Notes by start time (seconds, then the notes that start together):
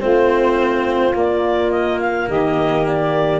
0.00 A3 C4 F4 C5
1.14 A#3 D5
1.71 D#5
1.99 F5
2.27 D#3 G4 D#5
2.87 D5